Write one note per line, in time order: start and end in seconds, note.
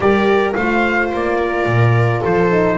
0.00 0.53 G3
0.00 0.56 G4
0.00 0.56 A#4
0.00 0.54 D5
0.54 1.11 A3
0.54 2.50 F4
0.54 1.38 C5
0.54 1.10 F5
1.12 1.66 A#3
1.12 2.23 D5
1.38 2.21 A#4
1.66 2.21 A#2
2.21 2.77 F3
2.21 2.76 A4
2.21 2.77 C5
2.50 2.77 D#4